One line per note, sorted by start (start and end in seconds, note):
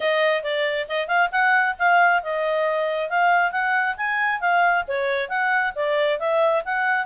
0.00 0.43 D#5
0.43 0.87 D5
0.88 1.07 D#5
1.07 1.29 F5
1.31 1.75 F#5
1.79 2.23 F5
2.23 3.09 D#5
3.09 3.51 F5
3.51 3.95 F#5
3.96 4.40 G#5
4.40 4.84 F5
4.87 5.28 C#5
5.28 5.73 F#5
5.75 6.19 D5
6.19 6.63 E5
6.65 7.06 F#5